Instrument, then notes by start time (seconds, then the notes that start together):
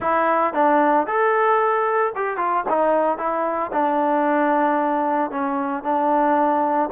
trombone
0.00 E4
0.53 D4
1.06 A4
2.15 G4
2.37 F4
2.68 D#4
3.18 E4
3.72 D4
5.30 C#4
5.83 D4